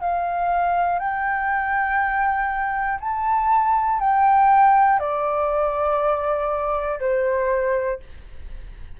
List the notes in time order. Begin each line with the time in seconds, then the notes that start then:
0.00 F5
0.99 G5
3.00 A5
3.99 G5
4.99 D5
6.99 C5